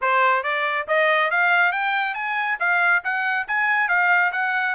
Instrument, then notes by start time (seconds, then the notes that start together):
trumpet
0.01 C5
0.43 D5
0.87 D#5
1.30 F5
1.71 G5
2.14 G#5
2.59 F5
3.03 F#5
3.47 G#5
3.88 F5
4.32 F#5